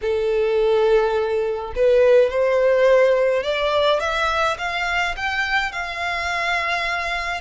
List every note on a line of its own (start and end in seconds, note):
0.01 1.73 A4
1.75 2.30 B4
2.30 3.43 C5
3.43 3.99 D5
3.99 4.57 E5
4.57 5.15 F5
5.16 5.71 G5
5.71 7.40 F5